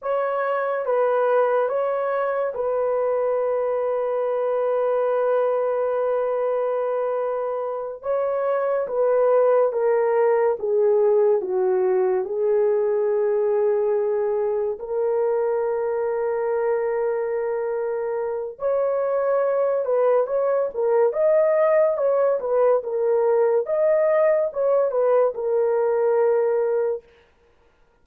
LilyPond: \new Staff \with { instrumentName = "horn" } { \time 4/4 \tempo 4 = 71 cis''4 b'4 cis''4 b'4~ | b'1~ | b'4. cis''4 b'4 ais'8~ | ais'8 gis'4 fis'4 gis'4.~ |
gis'4. ais'2~ ais'8~ | ais'2 cis''4. b'8 | cis''8 ais'8 dis''4 cis''8 b'8 ais'4 | dis''4 cis''8 b'8 ais'2 | }